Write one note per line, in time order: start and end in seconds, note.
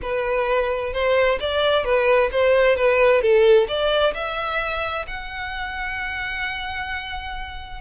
0.01 0.93 B4
0.93 1.39 C5
1.39 1.84 D5
1.84 2.30 B4
2.31 2.76 C5
2.76 3.21 B4
3.21 3.67 A4
3.67 4.13 D5
4.13 5.05 E5
5.07 7.80 F#5